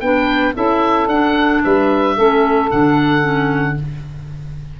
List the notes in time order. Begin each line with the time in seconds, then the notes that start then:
0.00 B3 D4 B4 G5
0.54 C#4 E4 A4 E5
1.07 D4 F#5
1.64 G3 B4 E5
2.16 A3 C#4 A4
2.70 D3 D4 F#5
3.21 C#4